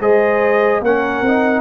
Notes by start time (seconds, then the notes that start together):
0.00 G#3 G#4 C5 D#5
0.80 A#3 C#4 A#4 F#5
1.22 C4 D#4